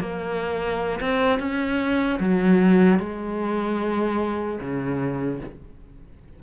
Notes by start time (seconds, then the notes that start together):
0.00 A#3
1.00 C4
1.39 C#4
2.20 F#3
2.99 G#3
4.60 C#3